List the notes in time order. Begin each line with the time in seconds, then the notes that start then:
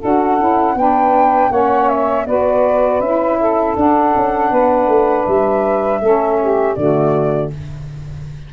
0.00 D4 F#4 A4 F#5
0.39 C#4 E4
0.75 B3 D4 B4 G5
1.51 A#3 C#4 C#5 F#5
1.89 E5
2.27 B3 F#4 B4 D5
3.00 C#4 E4 E5
3.40 A4
3.77 D4 F#5
4.16 C#4
4.51 B3 B4
4.88 A3
5.26 G3 E5
6.01 A3 C#4 A4
6.41 G4
6.75 D3 A3 F#4 D5